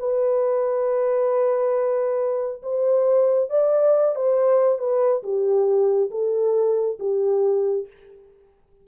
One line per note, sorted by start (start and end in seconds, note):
0.00 2.63 B4
2.63 3.50 C5
3.50 4.16 D5
4.16 4.79 C5
4.79 5.23 B4
5.23 6.11 G4
6.11 6.99 A4
7.00 7.87 G4